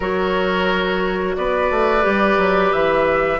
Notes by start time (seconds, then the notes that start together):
0.00 F#3 F#4 A#4 C#5
1.36 B3 B4 D5
1.70 A3
2.01 G3 G4
2.37 F#3
2.72 E3 E5